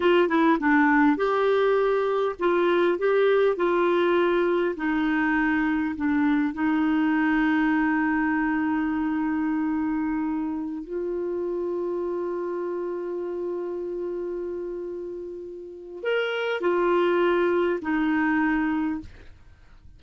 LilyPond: \new Staff \with { instrumentName = "clarinet" } { \time 4/4 \tempo 4 = 101 f'8 e'8 d'4 g'2 | f'4 g'4 f'2 | dis'2 d'4 dis'4~ | dis'1~ |
dis'2~ dis'16 f'4.~ f'16~ | f'1~ | f'2. ais'4 | f'2 dis'2 | }